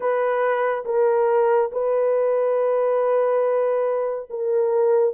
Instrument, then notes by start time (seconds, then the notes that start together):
horn
0.00 B4
0.85 A#4
1.71 B4
4.29 A#4